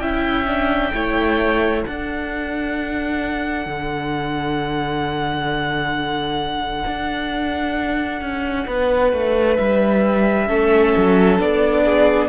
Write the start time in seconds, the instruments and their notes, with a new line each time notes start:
0.00 cello C#4, viola E4, violin E5 G5
0.47 viola D4
0.94 cello A3, viola E4, violin C#5
1.84 viola D4, cello D4, violin A4 F#5
3.66 cello D3
6.87 cello D4
8.22 cello C#4
8.67 cello B3, violin B4
9.13 cello A3
9.57 cello G3, violin E5
10.48 cello A3, viola C#4, violin A4
10.97 cello F#3
11.39 cello B3, viola D4, violin D5
11.85 violin G#4